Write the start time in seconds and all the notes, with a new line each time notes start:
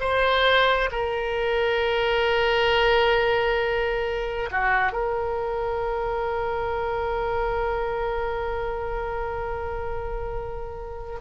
0.00 C5
0.91 A#4
4.51 F#4
4.92 A#4